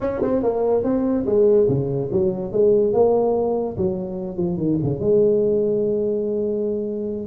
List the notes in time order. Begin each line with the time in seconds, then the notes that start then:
0.01 C#4
0.22 C4
0.42 A#3
0.83 C4
1.26 G#3
1.68 C#3
2.12 F#3
2.52 G#3
2.93 A#3
3.77 F#3
4.36 F3
4.57 D#3
4.83 C#3
5.00 G#3